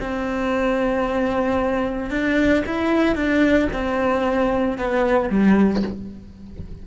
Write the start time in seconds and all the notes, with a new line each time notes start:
0.00 C4
2.10 D4
2.66 E4
3.15 D4
3.73 C4
4.78 B3
5.30 G3